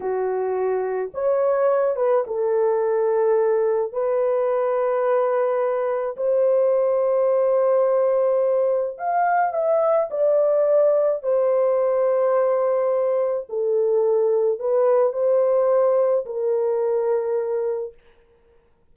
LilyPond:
\new Staff \with { instrumentName = "horn" } { \time 4/4 \tempo 4 = 107 fis'2 cis''4. b'8 | a'2. b'4~ | b'2. c''4~ | c''1 |
f''4 e''4 d''2 | c''1 | a'2 b'4 c''4~ | c''4 ais'2. | }